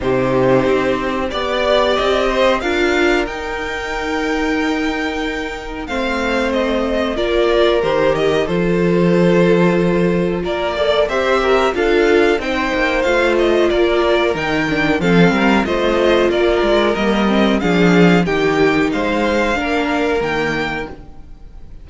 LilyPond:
<<
  \new Staff \with { instrumentName = "violin" } { \time 4/4 \tempo 4 = 92 c''2 d''4 dis''4 | f''4 g''2.~ | g''4 f''4 dis''4 d''4 | c''8 dis''8 c''2. |
d''4 e''4 f''4 g''4 | f''8 dis''8 d''4 g''4 f''4 | dis''4 d''4 dis''4 f''4 | g''4 f''2 g''4 | }
  \new Staff \with { instrumentName = "violin" } { \time 4/4 g'2 d''4. c''8 | ais'1~ | ais'4 c''2 ais'4~ | ais'4 a'2. |
ais'8 d''8 c''8 ais'8 a'4 c''4~ | c''4 ais'2 a'8 ais'8 | c''4 ais'2 gis'4 | g'4 c''4 ais'2 | }
  \new Staff \with { instrumentName = "viola" } { \time 4/4 dis'2 g'2 | f'4 dis'2.~ | dis'4 c'2 f'4 | g'4 f'2.~ |
f'8 a'8 g'4 f'4 dis'4 | f'2 dis'8 d'8 c'4 | f'2 ais8 c'8 d'4 | dis'2 d'4 ais4 | }
  \new Staff \with { instrumentName = "cello" } { \time 4/4 c4 c'4 b4 c'4 | d'4 dis'2.~ | dis'4 a2 ais4 | dis4 f2. |
ais4 c'4 d'4 c'8 ais8 | a4 ais4 dis4 f8 g8 | a4 ais8 gis8 g4 f4 | dis4 gis4 ais4 dis4 | }
>>